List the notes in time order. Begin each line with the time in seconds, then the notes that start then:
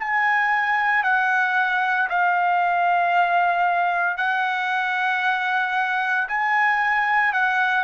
0.00 G#5
1.04 F#5
2.10 F5
4.18 F#5
6.29 G#5
7.33 F#5